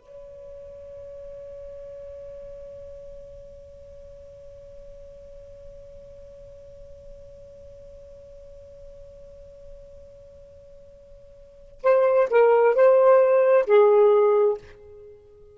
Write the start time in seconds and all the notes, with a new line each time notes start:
0.00 C#5
11.83 C5
12.31 A#4
12.76 C5
13.67 G#4